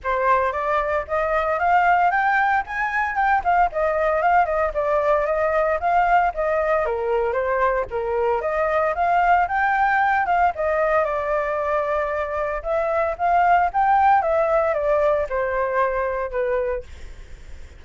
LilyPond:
\new Staff \with { instrumentName = "flute" } { \time 4/4 \tempo 4 = 114 c''4 d''4 dis''4 f''4 | g''4 gis''4 g''8 f''8 dis''4 | f''8 dis''8 d''4 dis''4 f''4 | dis''4 ais'4 c''4 ais'4 |
dis''4 f''4 g''4. f''8 | dis''4 d''2. | e''4 f''4 g''4 e''4 | d''4 c''2 b'4 | }